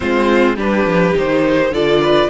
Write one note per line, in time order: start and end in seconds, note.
0.00 0.56 G#3
0.00 0.57 C4
0.00 0.56 F4
0.00 0.56 C5
0.56 0.85 G3
0.56 1.13 D4
0.56 1.71 G4
0.56 1.17 B4
0.85 1.14 F3
1.13 1.70 D#3
1.13 1.71 D#4
1.13 1.73 C5
1.70 2.28 D3
1.70 2.30 F4
1.70 2.01 A4
1.70 2.30 D5
2.01 2.30 B4